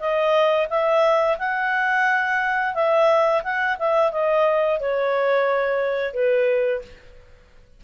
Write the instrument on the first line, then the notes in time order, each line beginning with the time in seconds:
clarinet
0.00 D#5
0.70 E5
1.39 F#5
2.75 E5
3.44 F#5
3.79 E5
4.12 D#5
4.81 C#5
6.14 B4